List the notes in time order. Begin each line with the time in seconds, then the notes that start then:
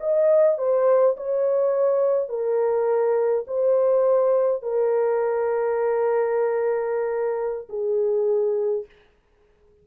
0.00 D#5
0.58 C5
1.17 C#5
2.29 A#4
3.48 C5
4.63 A#4
7.69 G#4